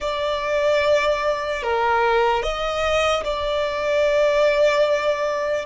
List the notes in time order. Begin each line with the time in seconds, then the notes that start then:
0.00 D5
1.62 A#4
2.42 D#5
3.24 D5